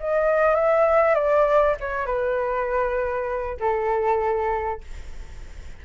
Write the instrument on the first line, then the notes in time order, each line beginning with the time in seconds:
flute
0.00 D#5
0.55 E5
1.15 D5
1.80 C#5
2.06 B4
3.60 A4